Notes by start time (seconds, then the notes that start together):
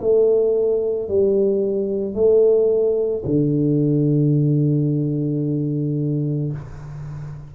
0.00 A3
1.08 G3
2.14 A3
3.25 D3